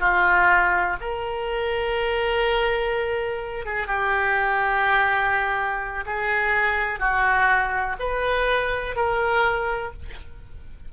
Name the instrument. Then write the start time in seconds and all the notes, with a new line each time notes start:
oboe
0.00 F4
1.01 A#4
3.66 G#4
3.87 G4
6.06 G#4
6.99 F#4
8.00 B4
8.96 A#4